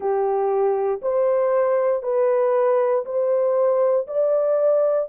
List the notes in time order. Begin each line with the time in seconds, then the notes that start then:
0.00 G4
1.02 C5
2.02 B4
3.05 C5
4.07 D5